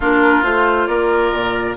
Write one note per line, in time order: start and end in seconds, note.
0.00 0.42 A#3
0.00 0.42 D4
0.00 0.88 F4
0.00 0.43 A#4
0.42 0.87 A3
0.42 1.75 F4
0.42 0.86 C5
0.86 1.31 A#3
0.86 1.77 A#4
0.86 1.75 D5
1.32 1.77 A#2